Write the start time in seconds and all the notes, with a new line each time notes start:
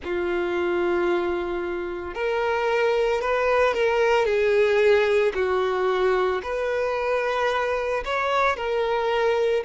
0.04 F4
2.14 A#4
3.21 B4
3.74 A#4
4.25 G#4
5.34 F#4
6.42 B4
8.04 C#5
8.56 A#4